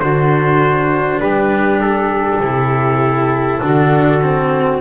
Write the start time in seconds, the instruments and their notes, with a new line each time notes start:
0.00 double bass D3, cello D4, saxophone F#4, trumpet C5
1.20 double bass G3, saxophone G4, trumpet B4
1.81 trumpet A4
2.40 double bass C3, cello E4
3.62 double bass D3, cello D4, saxophone F#4
4.23 cello C4